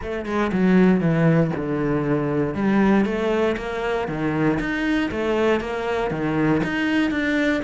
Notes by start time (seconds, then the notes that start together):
0.02 A3
0.25 G#3
0.52 F#3
1.00 E3
1.56 D3
2.54 G3
3.05 A3
3.57 A#3
4.07 D#3
4.59 D#4
5.11 A3
5.60 A#3
6.10 D#3
6.63 D#4
7.10 D4